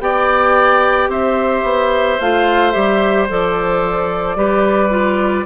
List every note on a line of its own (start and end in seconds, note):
0.00 1.08 B3
0.00 2.19 G4
0.00 1.10 D5
0.00 1.11 G5
1.08 1.63 C4
1.08 4.37 C5
1.08 2.20 E5
1.63 2.18 B3
2.20 2.75 A3
2.20 2.73 F4
2.20 2.72 F5
2.72 3.30 G3
2.72 3.27 G4
2.72 3.26 E5
3.30 4.36 F3
3.30 4.36 A4
3.30 5.46 D5
4.36 5.45 G3
4.36 4.90 G4
4.36 5.46 B4
4.90 5.45 F4